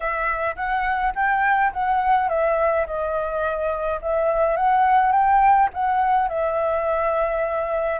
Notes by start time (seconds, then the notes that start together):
0.00 E5
0.56 F#5
1.15 G5
1.72 F#5
2.28 E5
2.86 D#5
4.01 E5
4.56 F#5
5.11 G5
5.73 F#5
6.29 E5